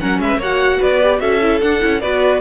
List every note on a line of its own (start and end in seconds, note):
0.00 0.19 F#3
0.00 0.41 C#4
0.00 0.20 A#4
0.00 0.20 F#5
0.19 0.37 G#3
0.19 0.38 B4
0.19 0.41 E5
0.37 0.77 A#3
0.37 0.78 C#5
0.37 0.83 F#5
0.43 1.03 F#4
0.79 1.21 B3
0.79 1.19 B4
0.79 1.20 D5
1.03 1.20 G4
1.20 1.61 C#4
1.20 1.40 F#4
1.20 2.01 A4
1.20 1.61 E5
1.42 1.62 E4
1.61 1.82 D4
1.61 1.80 D4
1.61 2.01 F#5
1.80 2.03 C#4
1.80 2.00 E4
2.01 2.41 B3
2.01 2.41 F#4
2.01 2.41 B4
2.01 2.41 D5